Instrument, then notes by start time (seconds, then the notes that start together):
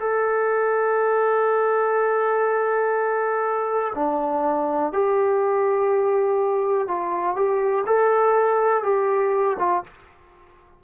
trombone
0.00 A4
3.95 D4
4.93 G4
6.88 F4
7.36 G4
7.86 A4
8.83 G4
9.59 F4